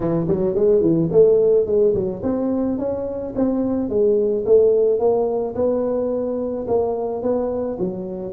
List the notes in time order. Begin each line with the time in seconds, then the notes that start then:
0.00 E3
0.28 F#3
0.55 G#3
0.81 E3
1.11 A3
1.66 G#3
1.94 F#3
2.22 C4
2.78 C#4
3.35 C4
3.89 G#3
4.45 A3
4.99 A#3
5.55 B3
6.67 A#3
7.22 B3
7.78 F#3